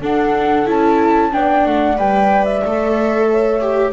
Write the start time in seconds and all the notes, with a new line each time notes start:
0.00 D4 A4 F#5
0.65 C#4 E4 A5
1.31 B3 D4 D5 G5
1.65 A3 F#5
1.97 G3 B4 G5
2.44 E5
2.64 A3 A4
3.31 C#5
3.61 G4